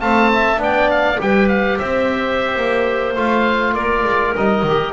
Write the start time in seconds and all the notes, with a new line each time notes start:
0.00 A3 C4 F5 A5
0.33 E5
0.57 B3 D4 D5
0.63 G5
0.90 F5
1.18 G3 G4 B4 G5
1.49 F5
1.79 C4 C5 E5
2.56 A#3
3.15 A3 F4 F5
3.74 A#3 A#4 D5
4.04 G#3
4.36 G3 D#4 D#5
4.63 D#3 G4